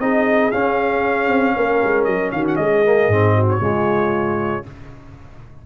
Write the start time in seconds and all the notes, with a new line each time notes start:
0.00 C4 D#4 G#4 D#5
0.51 C#4 F5
1.28 C4
1.56 A#3 A#4
1.84 G#3
2.05 F#3 D#5
2.32 D#3 F#4 F5
2.48 F#5
2.56 G#3 G#4 D#5
2.86 A#3
3.08 G#2 C4
3.36 F#4
3.50 C#5
3.60 C#3 G#3 F4